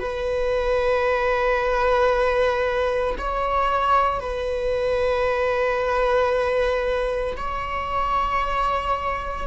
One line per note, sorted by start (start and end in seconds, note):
0.00 3.16 B4
3.18 4.21 C#5
4.21 7.36 B4
7.37 9.47 C#5